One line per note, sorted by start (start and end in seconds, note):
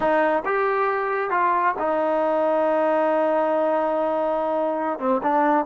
0.00 0.43 D#4
0.45 1.30 G4
1.30 1.74 F4
1.78 4.99 D#4
4.99 5.21 C4
5.22 5.65 D4